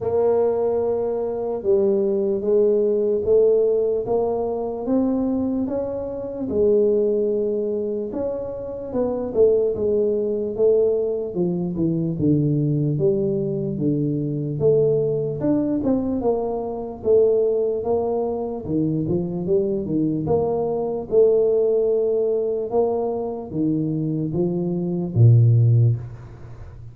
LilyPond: \new Staff \with { instrumentName = "tuba" } { \time 4/4 \tempo 4 = 74 ais2 g4 gis4 | a4 ais4 c'4 cis'4 | gis2 cis'4 b8 a8 | gis4 a4 f8 e8 d4 |
g4 d4 a4 d'8 c'8 | ais4 a4 ais4 dis8 f8 | g8 dis8 ais4 a2 | ais4 dis4 f4 ais,4 | }